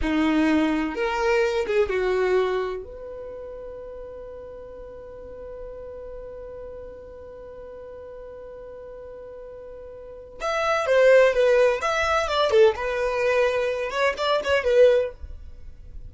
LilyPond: \new Staff \with { instrumentName = "violin" } { \time 4/4 \tempo 4 = 127 dis'2 ais'4. gis'8 | fis'2 b'2~ | b'1~ | b'1~ |
b'1~ | b'2 e''4 c''4 | b'4 e''4 d''8 a'8 b'4~ | b'4. cis''8 d''8 cis''8 b'4 | }